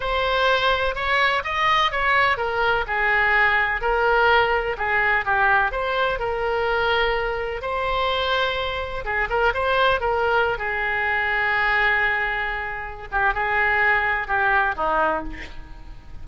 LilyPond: \new Staff \with { instrumentName = "oboe" } { \time 4/4 \tempo 4 = 126 c''2 cis''4 dis''4 | cis''4 ais'4 gis'2 | ais'2 gis'4 g'4 | c''4 ais'2. |
c''2. gis'8 ais'8 | c''4 ais'4~ ais'16 gis'4.~ gis'16~ | gis'2.~ gis'8 g'8 | gis'2 g'4 dis'4 | }